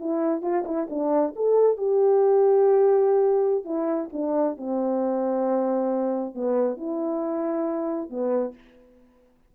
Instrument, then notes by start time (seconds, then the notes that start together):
horn
0.00 E4
0.42 F4
0.66 E4
0.90 D4
1.36 A4
1.78 G4
3.65 E4
4.13 D4
4.57 C4
6.35 B3
6.77 E4
8.10 B3